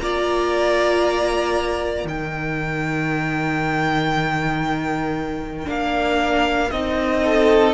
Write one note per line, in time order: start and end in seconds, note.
0.00 2.05 A#3
0.00 2.09 F4
0.00 2.07 D5
0.00 2.07 A#5
2.05 5.67 D#3
2.05 5.66 D#4
2.05 7.24 A#4
2.05 5.70 G5
5.66 6.71 A#3
5.66 6.69 D4
5.66 6.71 F5
6.71 7.75 C4
6.71 7.75 D#4
6.71 7.75 D#5
7.24 7.75 A4